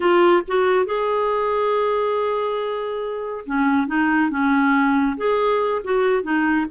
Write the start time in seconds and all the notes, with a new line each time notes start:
0.00 F4
0.47 F#4
0.85 G#4
3.46 C#4
3.87 D#4
4.30 C#4
5.17 G#4
5.84 F#4
6.23 D#4